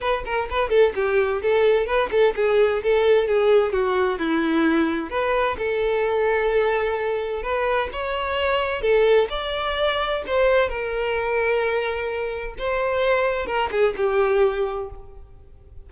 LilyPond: \new Staff \with { instrumentName = "violin" } { \time 4/4 \tempo 4 = 129 b'8 ais'8 b'8 a'8 g'4 a'4 | b'8 a'8 gis'4 a'4 gis'4 | fis'4 e'2 b'4 | a'1 |
b'4 cis''2 a'4 | d''2 c''4 ais'4~ | ais'2. c''4~ | c''4 ais'8 gis'8 g'2 | }